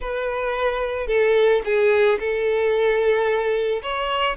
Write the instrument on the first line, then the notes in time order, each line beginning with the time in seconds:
violin
0.00 B4
1.07 A4
1.64 G#4
2.19 A4
3.82 C#5